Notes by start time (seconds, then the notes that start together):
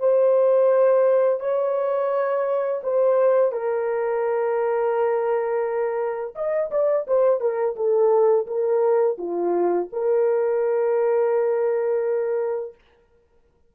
0.00 C5
1.41 C#5
2.84 C5
3.52 A#4
6.36 D#5
6.71 D5
7.07 C5
7.41 A#4
7.76 A4
8.47 A#4
9.18 F4
9.93 A#4